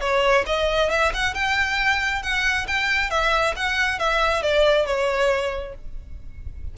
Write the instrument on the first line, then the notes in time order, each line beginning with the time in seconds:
violin
0.00 C#5
0.46 D#5
0.90 E5
1.13 F#5
1.34 G5
2.22 F#5
2.67 G5
3.10 E5
3.56 F#5
3.99 E5
4.42 D5
4.85 C#5